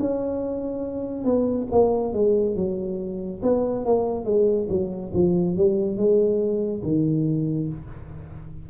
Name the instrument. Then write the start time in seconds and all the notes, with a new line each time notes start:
tuba
0.00 C#4
1.25 B3
1.72 A#3
2.13 G#3
2.56 F#3
3.42 B3
3.85 A#3
4.25 G#3
4.69 F#3
5.14 F3
5.57 G3
5.97 G#3
6.83 D#3